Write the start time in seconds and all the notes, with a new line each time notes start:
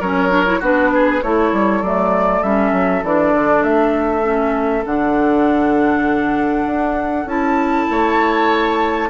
0.00 F#3 C#4 A#4 C#5
0.29 D4
0.46 E4
0.60 B3 D4 F#4 B4
0.94 G#4
1.22 A3 E4 A4 C#5
1.52 G3
1.81 F#3 A3 D5
2.43 G3 C#4 E5
2.72 F#3
3.03 E3 D4 D5
3.33 D3
3.63 A3 E5
4.23 C#4
4.85 D3 D4 F#5
6.66 D4
7.25 C#4 E4 A5
7.89 A3 C#5